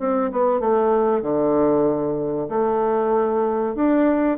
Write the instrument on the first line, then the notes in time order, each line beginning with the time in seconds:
bassoon
0.00 C4
0.32 B3
0.60 A3
1.22 D3
2.49 A3
3.76 D4